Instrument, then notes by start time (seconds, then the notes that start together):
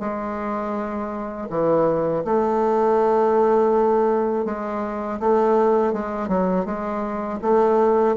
bassoon
0.00 G#3
1.50 E3
2.25 A3
4.45 G#3
5.20 A3
5.93 G#3
6.29 F#3
6.66 G#3
7.42 A3